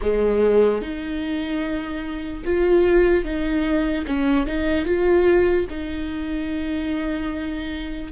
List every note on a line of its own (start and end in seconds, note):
0.01 0.81 G#3
0.81 2.43 D#4
2.44 3.24 F4
3.24 4.05 D#4
4.06 4.46 C#4
4.46 4.85 D#4
4.85 5.66 F4
5.69 8.12 D#4